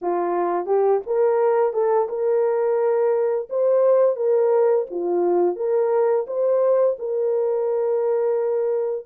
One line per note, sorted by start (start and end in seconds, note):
0.01 0.66 F4
0.66 1.01 G4
1.06 1.73 A#4
1.73 2.07 A4
2.08 3.48 A#4
3.49 4.15 C5
4.15 4.85 A#4
4.90 5.56 F4
5.56 6.25 A#4
6.26 6.96 C5
6.99 9.06 A#4